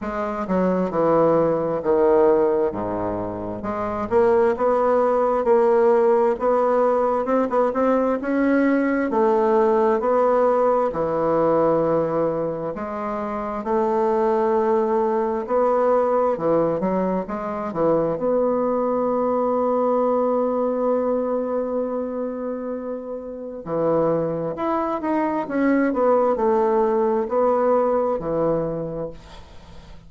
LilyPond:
\new Staff \with { instrumentName = "bassoon" } { \time 4/4 \tempo 4 = 66 gis8 fis8 e4 dis4 gis,4 | gis8 ais8 b4 ais4 b4 | c'16 b16 c'8 cis'4 a4 b4 | e2 gis4 a4~ |
a4 b4 e8 fis8 gis8 e8 | b1~ | b2 e4 e'8 dis'8 | cis'8 b8 a4 b4 e4 | }